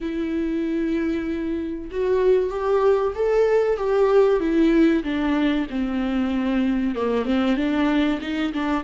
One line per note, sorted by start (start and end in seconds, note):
0.00 1.90 E4
1.91 2.50 F#4
2.50 3.13 G4
3.15 3.77 A4
3.77 4.40 G4
4.40 5.03 E4
5.03 5.66 D4
5.70 6.95 C4
6.95 7.25 A#3
7.25 7.56 C4
7.56 8.19 D4
8.21 8.52 D#4
8.53 8.83 D4